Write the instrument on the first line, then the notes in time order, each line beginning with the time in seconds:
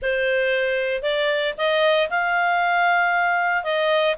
clarinet
0.02 C5
1.02 D5
1.57 D#5
2.10 F5
3.63 D#5